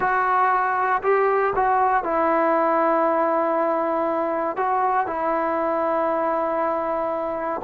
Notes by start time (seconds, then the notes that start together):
0.00 F#4
1.02 G4
1.55 F#4
2.03 E4
4.56 F#4
5.07 E4